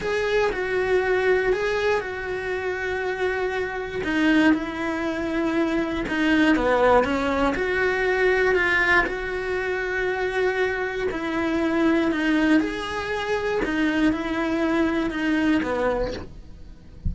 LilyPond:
\new Staff \with { instrumentName = "cello" } { \time 4/4 \tempo 4 = 119 gis'4 fis'2 gis'4 | fis'1 | dis'4 e'2. | dis'4 b4 cis'4 fis'4~ |
fis'4 f'4 fis'2~ | fis'2 e'2 | dis'4 gis'2 dis'4 | e'2 dis'4 b4 | }